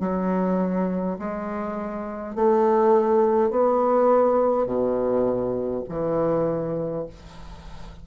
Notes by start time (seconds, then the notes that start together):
0.00 F#3
1.19 G#3
2.35 A3
3.51 B3
4.66 B2
5.89 E3